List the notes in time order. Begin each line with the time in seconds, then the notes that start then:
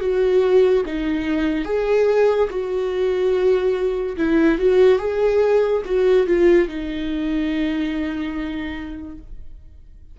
0.00 F#4
0.85 D#4
1.64 G#4
2.50 F#4
4.16 E4
4.58 F#4
4.98 G#4
5.85 F#4
6.27 F4
6.68 D#4